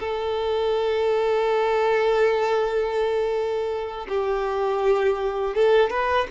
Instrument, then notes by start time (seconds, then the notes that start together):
violin
0.00 A4
4.09 G4
5.55 A4
5.91 B4